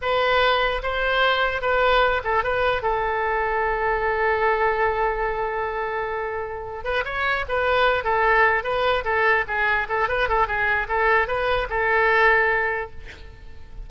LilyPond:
\new Staff \with { instrumentName = "oboe" } { \time 4/4 \tempo 4 = 149 b'2 c''2 | b'4. a'8 b'4 a'4~ | a'1~ | a'1~ |
a'4 b'8 cis''4 b'4. | a'4. b'4 a'4 gis'8~ | gis'8 a'8 b'8 a'8 gis'4 a'4 | b'4 a'2. | }